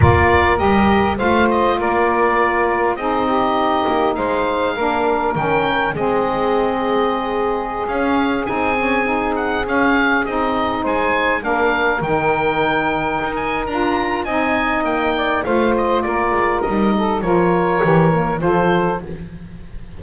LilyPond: <<
  \new Staff \with { instrumentName = "oboe" } { \time 4/4 \tempo 4 = 101 d''4 dis''4 f''8 dis''8 d''4~ | d''4 dis''2 f''4~ | f''4 g''4 dis''2~ | dis''4~ dis''16 f''4 gis''4. fis''16~ |
fis''16 f''4 dis''4 gis''4 f''8.~ | f''16 g''2~ g''16 gis''8 ais''4 | gis''4 g''4 f''8 dis''8 d''4 | dis''4 cis''2 c''4 | }
  \new Staff \with { instrumentName = "saxophone" } { \time 4/4 ais'2 c''4 ais'4~ | ais'4 gis'8 g'4. c''4 | ais'2 gis'2~ | gis'1~ |
gis'2~ gis'16 c''4 ais'8.~ | ais'1 | dis''4. d''8 c''4 ais'4~ | ais'8 a'8 ais'2 a'4 | }
  \new Staff \with { instrumentName = "saxophone" } { \time 4/4 f'4 g'4 f'2~ | f'4 dis'2. | d'4 cis'4 c'2~ | c'4~ c'16 cis'4 dis'8 cis'8 dis'8.~ |
dis'16 cis'4 dis'2 d'8.~ | d'16 dis'2~ dis'8. f'4 | dis'2 f'2 | dis'4 f'4 g'8 ais8 f'4 | }
  \new Staff \with { instrumentName = "double bass" } { \time 4/4 ais4 g4 a4 ais4~ | ais4 c'4. ais8 gis4 | ais4 dis4 gis2~ | gis4~ gis16 cis'4 c'4.~ c'16~ |
c'16 cis'4 c'4 gis4 ais8.~ | ais16 dis2 dis'8. d'4 | c'4 ais4 a4 ais8 gis8 | g4 f4 e4 f4 | }
>>